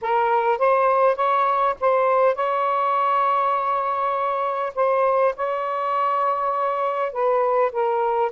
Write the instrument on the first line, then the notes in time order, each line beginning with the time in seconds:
saxophone
0.01 A#4
0.58 C5
1.15 C#5
1.80 C5
2.35 C#5
4.75 C5
5.35 C#5
7.12 B4
7.72 A#4